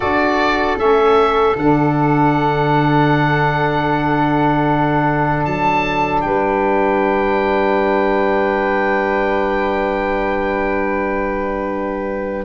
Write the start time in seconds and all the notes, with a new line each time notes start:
0.00 D4 F#4 A4 D5
0.77 A3 C#4 E5
1.56 D3 D4 F#5
5.44 F#3 A5
6.21 G3 B4 G5